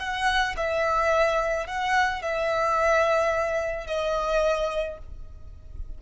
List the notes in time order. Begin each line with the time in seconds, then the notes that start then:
0.00 F#5
0.57 E5
1.67 F#5
2.23 E5
3.87 D#5